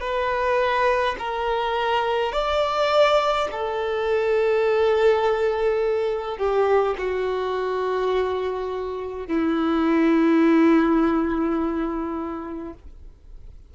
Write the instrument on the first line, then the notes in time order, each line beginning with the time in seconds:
violin
0.00 B4
1.19 A#4
2.32 D5
3.51 A4
6.37 G4
6.98 F#4
9.27 E4